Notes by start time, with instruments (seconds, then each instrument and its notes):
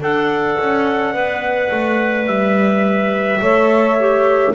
0.00 double bass D4, clarinet A4, horn D5, trumpet F#5
0.59 double bass C#4
1.13 double bass B3, clarinet B4
1.71 double bass A3
2.27 double bass G3, trumpet E5
3.41 double bass A3, clarinet A4, horn C#5
4.00 clarinet G4